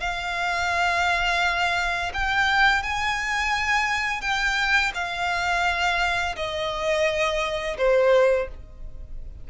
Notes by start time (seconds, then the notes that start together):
0.00 F5
2.14 G5
2.83 G#5
4.21 G5
4.94 F5
6.36 D#5
7.77 C5